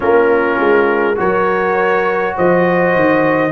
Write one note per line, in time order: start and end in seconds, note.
0.00 0.59 A#3
0.00 1.15 C#4
0.00 1.16 F4
0.00 1.18 A#4
0.59 1.18 G#3
1.15 2.37 F#3
1.15 3.50 F#4
1.15 2.36 A#4
1.15 2.36 C#5
2.36 2.95 F3
2.36 3.51 C5
2.36 3.51 D#5
2.95 3.51 D#3